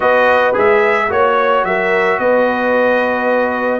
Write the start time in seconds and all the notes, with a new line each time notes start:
0.00 B3 F#4 B4 D#5
0.53 G#3 G#4 E5
1.09 A#3 F#4 C#5
1.64 F#3 A#4 E5
2.19 B3 B4 D#5